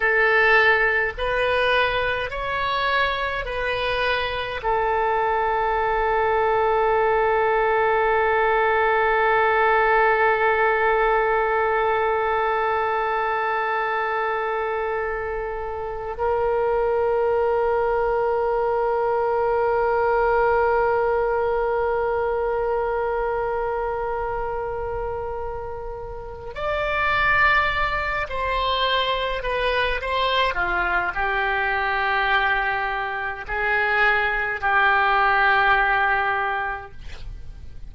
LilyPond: \new Staff \with { instrumentName = "oboe" } { \time 4/4 \tempo 4 = 52 a'4 b'4 cis''4 b'4 | a'1~ | a'1~ | a'2 ais'2~ |
ais'1~ | ais'2. d''4~ | d''8 c''4 b'8 c''8 f'8 g'4~ | g'4 gis'4 g'2 | }